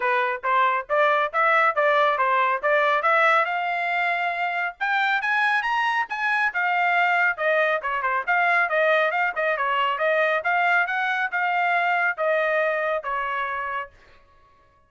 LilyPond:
\new Staff \with { instrumentName = "trumpet" } { \time 4/4 \tempo 4 = 138 b'4 c''4 d''4 e''4 | d''4 c''4 d''4 e''4 | f''2. g''4 | gis''4 ais''4 gis''4 f''4~ |
f''4 dis''4 cis''8 c''8 f''4 | dis''4 f''8 dis''8 cis''4 dis''4 | f''4 fis''4 f''2 | dis''2 cis''2 | }